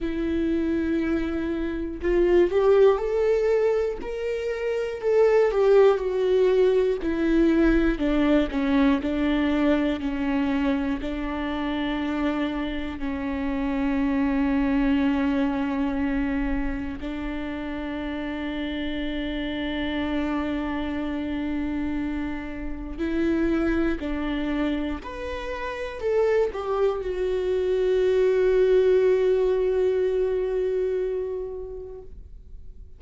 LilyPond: \new Staff \with { instrumentName = "viola" } { \time 4/4 \tempo 4 = 60 e'2 f'8 g'8 a'4 | ais'4 a'8 g'8 fis'4 e'4 | d'8 cis'8 d'4 cis'4 d'4~ | d'4 cis'2.~ |
cis'4 d'2.~ | d'2. e'4 | d'4 b'4 a'8 g'8 fis'4~ | fis'1 | }